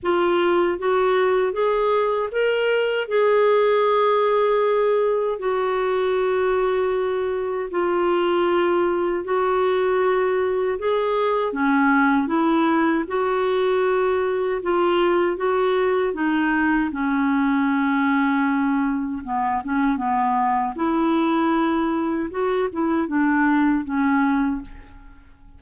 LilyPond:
\new Staff \with { instrumentName = "clarinet" } { \time 4/4 \tempo 4 = 78 f'4 fis'4 gis'4 ais'4 | gis'2. fis'4~ | fis'2 f'2 | fis'2 gis'4 cis'4 |
e'4 fis'2 f'4 | fis'4 dis'4 cis'2~ | cis'4 b8 cis'8 b4 e'4~ | e'4 fis'8 e'8 d'4 cis'4 | }